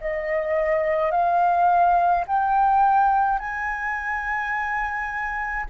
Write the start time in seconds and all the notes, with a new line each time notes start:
0.00 D#5
1.11 F5
2.27 G5
3.39 G#5